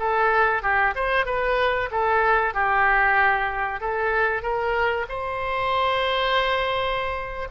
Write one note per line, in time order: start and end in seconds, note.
0.00 0.63 A4
0.63 0.95 G4
0.96 1.26 C5
1.26 1.90 B4
1.91 2.54 A4
2.54 3.81 G4
3.81 4.42 A4
4.42 5.06 A#4
5.09 7.48 C5